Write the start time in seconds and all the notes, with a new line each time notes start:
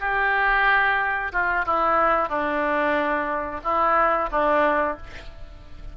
0.00 G4
1.32 F4
1.65 E4
2.29 D4
3.64 E4
4.31 D4